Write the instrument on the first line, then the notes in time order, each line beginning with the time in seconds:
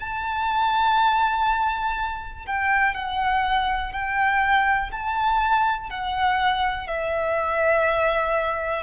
violin
0.00 A5
2.46 G5
2.94 F#5
3.92 G5
4.91 A5
5.90 F#5
6.87 E5